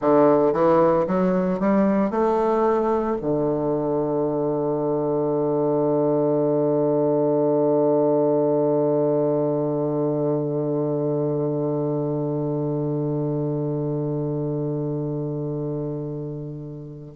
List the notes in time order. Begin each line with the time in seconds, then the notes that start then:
0.00 D3
0.52 E3
1.07 F#3
1.59 G3
2.10 A3
3.21 D3